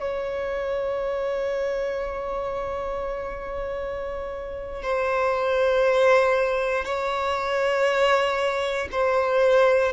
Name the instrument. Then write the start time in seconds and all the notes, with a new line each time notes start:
violin
0.00 C#5
4.82 C5
6.85 C#5
8.91 C5